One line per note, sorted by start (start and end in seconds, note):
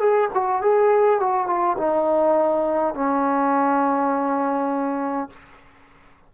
0.00 0.29 G#4
0.34 0.62 F#4
0.62 1.20 G#4
1.20 1.47 F#4
1.47 1.76 F4
1.78 2.95 D#4
2.95 5.30 C#4